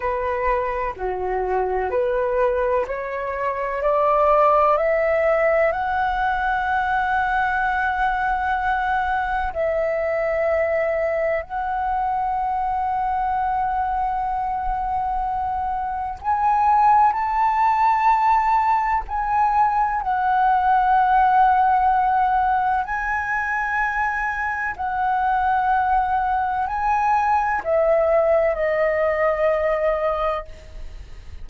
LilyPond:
\new Staff \with { instrumentName = "flute" } { \time 4/4 \tempo 4 = 63 b'4 fis'4 b'4 cis''4 | d''4 e''4 fis''2~ | fis''2 e''2 | fis''1~ |
fis''4 gis''4 a''2 | gis''4 fis''2. | gis''2 fis''2 | gis''4 e''4 dis''2 | }